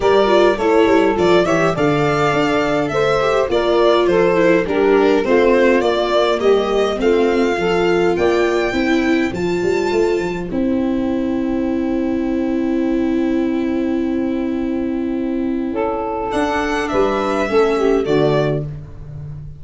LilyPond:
<<
  \new Staff \with { instrumentName = "violin" } { \time 4/4 \tempo 4 = 103 d''4 cis''4 d''8 e''8 f''4~ | f''4 e''4 d''4 c''4 | ais'4 c''4 d''4 dis''4 | f''2 g''2 |
a''2 g''2~ | g''1~ | g''1 | fis''4 e''2 d''4 | }
  \new Staff \with { instrumentName = "saxophone" } { \time 4/4 ais'4 a'4. cis''8 d''4~ | d''4 c''4 ais'4 a'4 | g'4 f'2 g'4 | f'4 a'4 d''4 c''4~ |
c''1~ | c''1~ | c''2. a'4~ | a'4 b'4 a'8 g'8 fis'4 | }
  \new Staff \with { instrumentName = "viola" } { \time 4/4 g'8 f'8 e'4 f'8 g'8 a'4~ | a'4. g'8 f'4. e'8 | d'4 c'4 ais2 | c'4 f'2 e'4 |
f'2 e'2~ | e'1~ | e'1 | d'2 cis'4 a4 | }
  \new Staff \with { instrumentName = "tuba" } { \time 4/4 g4 a8 g8 f8 e8 d4 | d'4 a4 ais4 f4 | g4 a4 ais4 g4 | a4 f4 ais4 c'4 |
f8 g8 a8 f8 c'2~ | c'1~ | c'2. cis'4 | d'4 g4 a4 d4 | }
>>